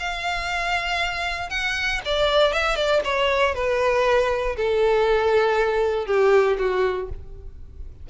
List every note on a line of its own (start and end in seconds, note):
0.00 1.50 F5
1.50 2.01 F#5
2.05 2.53 D5
2.53 2.76 E5
2.76 3.01 D5
3.04 3.55 C#5
3.55 4.56 B4
4.57 6.06 A4
6.06 6.57 G4
6.59 7.10 F#4